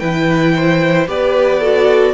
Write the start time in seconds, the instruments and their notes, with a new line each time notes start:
0.00 cello E3, viola E4, violin B4 G5
0.56 violin C5
1.08 cello B3, viola G4, violin B4 D5
1.60 viola F#4, violin A4